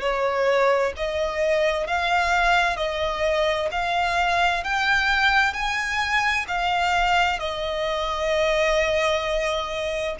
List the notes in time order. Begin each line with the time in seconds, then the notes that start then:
0.00 C#5
0.96 D#5
1.86 F5
2.76 D#5
3.71 F5
4.63 G5
5.53 G#5
6.47 F5
7.39 D#5